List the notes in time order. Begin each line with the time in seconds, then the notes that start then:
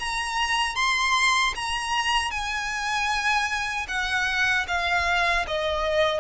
0.00 A#5
0.76 C6
1.55 A#5
2.31 G#5
3.88 F#5
4.68 F5
5.47 D#5